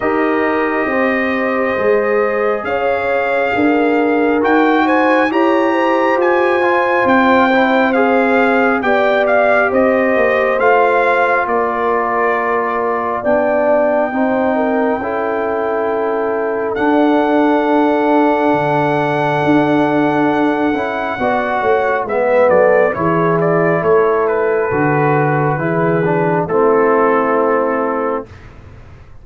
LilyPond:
<<
  \new Staff \with { instrumentName = "trumpet" } { \time 4/4 \tempo 4 = 68 dis''2. f''4~ | f''4 g''8 gis''8 ais''4 gis''4 | g''4 f''4 g''8 f''8 dis''4 | f''4 d''2 g''4~ |
g''2. fis''4~ | fis''1~ | fis''4 e''8 d''8 cis''8 d''8 cis''8 b'8~ | b'2 a'2 | }
  \new Staff \with { instrumentName = "horn" } { \time 4/4 ais'4 c''2 cis''4 | ais'4. c''8 cis''8 c''4.~ | c''2 d''4 c''4~ | c''4 ais'2 d''4 |
c''8 ais'8 a'2.~ | a'1 | d''8 cis''8 b'8 a'8 gis'4 a'4~ | a'4 gis'4 e'2 | }
  \new Staff \with { instrumentName = "trombone" } { \time 4/4 g'2 gis'2~ | gis'4 fis'4 g'4. f'8~ | f'8 e'8 gis'4 g'2 | f'2. d'4 |
dis'4 e'2 d'4~ | d'2.~ d'8 e'8 | fis'4 b4 e'2 | fis'4 e'8 d'8 c'2 | }
  \new Staff \with { instrumentName = "tuba" } { \time 4/4 dis'4 c'4 gis4 cis'4 | d'4 dis'4 e'4 f'4 | c'2 b4 c'8 ais8 | a4 ais2 b4 |
c'4 cis'2 d'4~ | d'4 d4 d'4. cis'8 | b8 a8 gis8 fis8 e4 a4 | d4 e4 a2 | }
>>